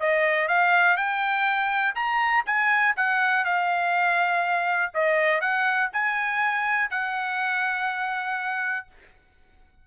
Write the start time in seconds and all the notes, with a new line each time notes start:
0.00 D#5
0.48 F5
0.97 G5
1.95 A#5
2.46 G#5
2.96 F#5
3.45 F5
4.94 D#5
5.41 F#5
5.93 G#5
6.90 F#5